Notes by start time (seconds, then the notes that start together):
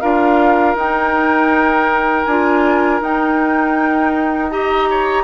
0.00 D4 F4 A#4 F5
0.75 D#4 G5
2.25 D4 F4 G#5
3.00 D#4 G5
4.50 G4 D#5 A#5
4.90 C#5